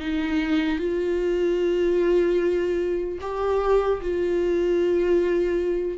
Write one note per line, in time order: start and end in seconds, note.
0.00 0.79 D#4
0.79 3.19 F4
3.21 4.01 G4
4.02 5.98 F4